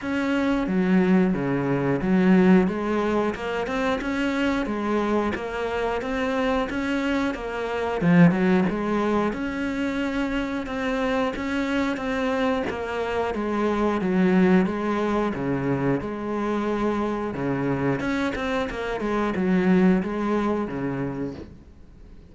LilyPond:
\new Staff \with { instrumentName = "cello" } { \time 4/4 \tempo 4 = 90 cis'4 fis4 cis4 fis4 | gis4 ais8 c'8 cis'4 gis4 | ais4 c'4 cis'4 ais4 | f8 fis8 gis4 cis'2 |
c'4 cis'4 c'4 ais4 | gis4 fis4 gis4 cis4 | gis2 cis4 cis'8 c'8 | ais8 gis8 fis4 gis4 cis4 | }